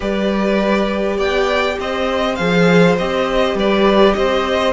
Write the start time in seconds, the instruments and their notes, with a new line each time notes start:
0.00 cello G3, viola G4, violin B4 D5
1.16 cello B3, violin D5 G5
1.79 cello C4, violin C5 D#5
2.35 cello F3, viola G#4, violin F5
2.98 cello C4, viola G4, violin D#5
3.54 cello G3, violin B4 D5
4.14 cello C4, violin C5 D#5